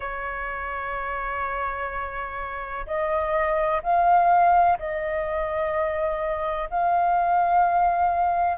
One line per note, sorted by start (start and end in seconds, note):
0.00 2.86 C#5
2.86 3.81 D#5
3.83 4.78 F5
4.78 6.69 D#5
6.70 8.57 F5